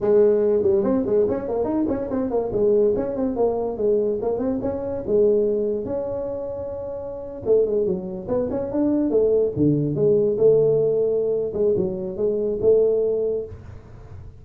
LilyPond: \new Staff \with { instrumentName = "tuba" } { \time 4/4 \tempo 4 = 143 gis4. g8 c'8 gis8 cis'8 ais8 | dis'8 cis'8 c'8 ais8 gis4 cis'8 c'8 | ais4 gis4 ais8 c'8 cis'4 | gis2 cis'2~ |
cis'4.~ cis'16 a8 gis8 fis4 b16~ | b16 cis'8 d'4 a4 d4 gis16~ | gis8. a2~ a8. gis8 | fis4 gis4 a2 | }